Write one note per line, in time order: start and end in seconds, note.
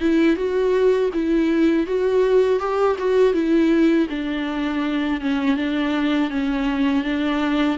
0.00 0.36 E4
0.36 1.10 F#4
1.13 1.86 E4
1.86 2.59 F#4
2.59 2.96 G4
2.99 3.33 F#4
3.33 4.07 E4
4.09 5.21 D4
5.21 5.56 C#4
5.56 6.30 D4
6.30 7.04 C#4
7.04 7.78 D4